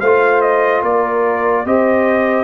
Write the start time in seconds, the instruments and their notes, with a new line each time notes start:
0.00 tuba A3, trombone F4, horn C5, trumpet F5
0.41 trumpet D#5
0.83 tuba A#3, horn A#4, trumpet D5
1.65 tuba C4, trombone G4, horn C5, trumpet D#5